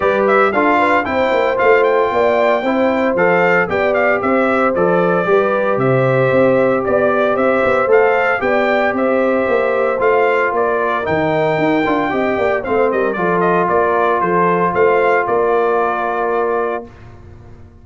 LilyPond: <<
  \new Staff \with { instrumentName = "trumpet" } { \time 4/4 \tempo 4 = 114 d''8 e''8 f''4 g''4 f''8 g''8~ | g''2 f''4 g''8 f''8 | e''4 d''2 e''4~ | e''4 d''4 e''4 f''4 |
g''4 e''2 f''4 | d''4 g''2. | f''8 dis''8 d''8 dis''8 d''4 c''4 | f''4 d''2. | }
  \new Staff \with { instrumentName = "horn" } { \time 4/4 b'4 a'8 b'8 c''2 | d''4 c''2 d''4 | c''2 b'4 c''4~ | c''4 d''4 c''2 |
d''4 c''2. | ais'2. dis''8 d''8 | c''8 ais'8 a'4 ais'4 a'4 | c''4 ais'2. | }
  \new Staff \with { instrumentName = "trombone" } { \time 4/4 g'4 f'4 e'4 f'4~ | f'4 e'4 a'4 g'4~ | g'4 a'4 g'2~ | g'2. a'4 |
g'2. f'4~ | f'4 dis'4. f'8 g'4 | c'4 f'2.~ | f'1 | }
  \new Staff \with { instrumentName = "tuba" } { \time 4/4 g4 d'4 c'8 ais8 a4 | ais4 c'4 f4 b4 | c'4 f4 g4 c4 | c'4 b4 c'8 b8 a4 |
b4 c'4 ais4 a4 | ais4 dis4 dis'8 d'8 c'8 ais8 | a8 g8 f4 ais4 f4 | a4 ais2. | }
>>